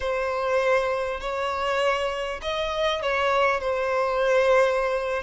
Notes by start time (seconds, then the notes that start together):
0.00 C5
1.20 C#5
2.42 D#5
3.02 C#5
3.60 C5